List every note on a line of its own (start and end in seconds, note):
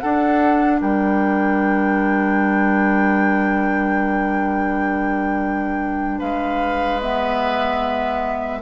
0.00 7.02 D4
0.00 0.81 D4
0.00 0.81 A4
0.00 0.80 F#5
0.81 6.21 G3
0.81 6.19 A#4
0.81 6.21 G5
6.19 8.62 G#3
6.19 8.59 B4
6.19 7.01 F5
7.02 8.62 B3
7.02 8.62 E5